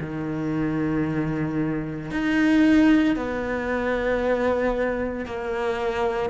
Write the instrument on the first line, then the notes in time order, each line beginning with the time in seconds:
cello
0.00 D#3
2.11 D#4
3.16 B3
5.25 A#3